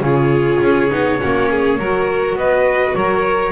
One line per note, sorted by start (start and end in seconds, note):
0.00 0.58 C#3
0.00 0.90 F4
0.00 2.37 C#5
0.06 1.20 G#4
0.61 0.90 C#4
0.90 1.20 B3
0.90 1.19 D#4
1.20 1.79 A#3
1.20 1.79 C#4
1.20 1.49 F#4
1.50 1.79 G#4
1.79 2.35 F#3
1.79 3.52 F#4
1.79 2.37 A#4
2.35 2.93 B3
2.35 2.95 B4
2.35 2.95 D#5
2.94 3.52 F#3
2.94 3.52 A#4
2.94 3.52 C#5